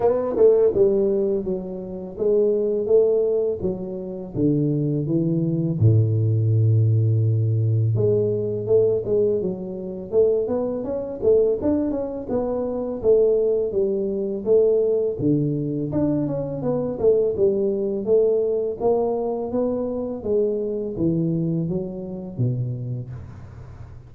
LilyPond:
\new Staff \with { instrumentName = "tuba" } { \time 4/4 \tempo 4 = 83 b8 a8 g4 fis4 gis4 | a4 fis4 d4 e4 | a,2. gis4 | a8 gis8 fis4 a8 b8 cis'8 a8 |
d'8 cis'8 b4 a4 g4 | a4 d4 d'8 cis'8 b8 a8 | g4 a4 ais4 b4 | gis4 e4 fis4 b,4 | }